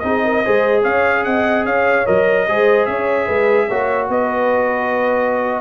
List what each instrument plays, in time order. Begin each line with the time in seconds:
0.00 tuba C4, trombone D#4, horn G#4, trumpet D#5
0.25 horn A#4
0.45 tuba G#3, trombone G#4, horn C5
0.82 tuba C#4, horn C#5, trumpet F5
1.24 tuba C4, horn D#5, trumpet F#5
1.65 tuba C#4, horn C#5, trumpet F5
2.06 tuba F#3, trombone A#4, trumpet D#5
2.48 tuba G#3, trombone G#4, horn C5
2.86 tuba C#4, horn C#5, trumpet E5
3.26 tuba G#3, horn B4
3.68 tuba A#3, trombone F#4, horn C#5
4.09 tuba B3, horn B4, trumpet D#5